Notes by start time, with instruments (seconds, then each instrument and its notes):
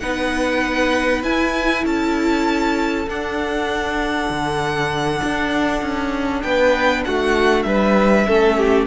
0.00 cello B3, viola D#4, violin B4 F#5
1.23 viola E4, cello E4, violin G#5
1.84 cello C#4, violin A4 A5
3.08 cello D4, viola D4, violin F#5
4.30 cello D3
5.23 cello D4
5.82 cello C#4
6.42 cello B3, violin B4 G5
7.05 cello A3, violin F#4 F#5
7.63 cello G3, violin B4 E5
8.27 cello A3, viola C#4, violin A4
8.58 violin G4